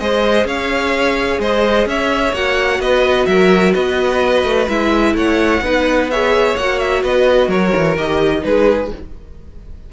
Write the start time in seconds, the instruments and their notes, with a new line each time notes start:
0.00 cello G#3, viola G#4, violin C5 D#5
0.45 cello C#4, violin C#5 F5
1.40 cello G#3, violin C5 D#5
1.86 cello C#4, violin C#5 E5
2.33 cello A#3, viola F#4, violin F#5
2.80 cello B3, violin B4 D#5
3.27 cello F#3, violin A#4 E5
3.75 cello B3, violin B4 D#5
4.44 cello A3
4.69 cello G#3, viola E4, violin E5
5.14 cello A3, violin C#5 F#5
5.62 cello B3, viola D#4, violin B4
6.11 viola G#4, violin C#5 E5
6.57 cello A#3, viola F#4, violin F#5
6.80 violin E5
7.04 cello B3, violin B4 D#5
7.48 cello F#3, violin A#4 C#5
7.77 cello E3
7.97 cello D#3, viola G4, violin D#5
8.41 cello G#3, viola D#4, violin G#4 B4